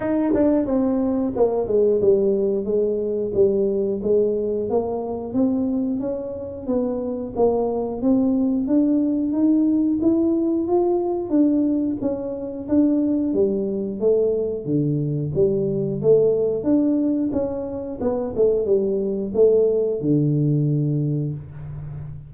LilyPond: \new Staff \with { instrumentName = "tuba" } { \time 4/4 \tempo 4 = 90 dis'8 d'8 c'4 ais8 gis8 g4 | gis4 g4 gis4 ais4 | c'4 cis'4 b4 ais4 | c'4 d'4 dis'4 e'4 |
f'4 d'4 cis'4 d'4 | g4 a4 d4 g4 | a4 d'4 cis'4 b8 a8 | g4 a4 d2 | }